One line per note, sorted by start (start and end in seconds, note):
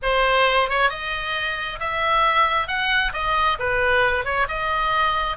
0.02 0.69 C5
0.69 0.89 C#5
0.89 1.79 D#5
1.79 2.67 E5
2.67 3.12 F#5
3.13 3.58 D#5
3.59 4.24 B4
4.24 4.47 C#5
4.48 5.36 D#5